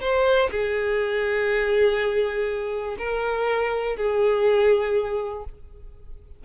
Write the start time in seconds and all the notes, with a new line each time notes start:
0.00 C5
0.51 G#4
2.98 A#4
3.96 G#4